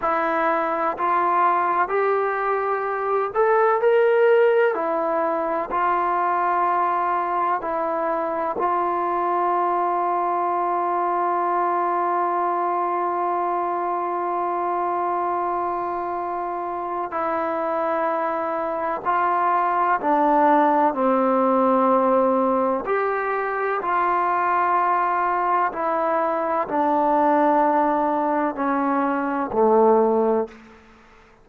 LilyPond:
\new Staff \with { instrumentName = "trombone" } { \time 4/4 \tempo 4 = 63 e'4 f'4 g'4. a'8 | ais'4 e'4 f'2 | e'4 f'2.~ | f'1~ |
f'2 e'2 | f'4 d'4 c'2 | g'4 f'2 e'4 | d'2 cis'4 a4 | }